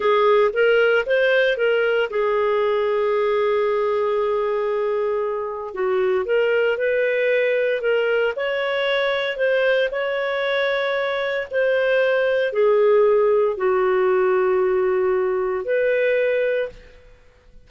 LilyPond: \new Staff \with { instrumentName = "clarinet" } { \time 4/4 \tempo 4 = 115 gis'4 ais'4 c''4 ais'4 | gis'1~ | gis'2. fis'4 | ais'4 b'2 ais'4 |
cis''2 c''4 cis''4~ | cis''2 c''2 | gis'2 fis'2~ | fis'2 b'2 | }